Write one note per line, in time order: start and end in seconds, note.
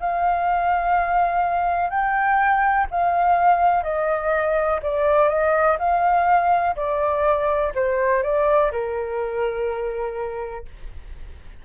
0.00 1.90 F5
1.90 2.87 G5
2.91 3.83 F5
3.83 4.80 D#5
4.83 5.29 D5
5.29 5.77 D#5
5.79 6.76 F5
6.76 7.73 D5
7.75 8.23 C5
8.23 8.71 D5
8.72 10.65 A#4